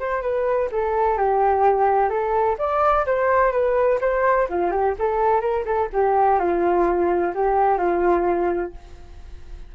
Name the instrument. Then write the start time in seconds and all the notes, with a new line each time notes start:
flute
0.00 C5
0.23 B4
0.72 A4
1.18 G4
2.10 A4
2.59 D5
3.06 C5
3.53 B4
4.01 C5
4.50 F4
4.72 G4
4.99 A4
5.41 A#4
5.66 A4
5.93 G4
6.40 F4
7.35 G4
7.79 F4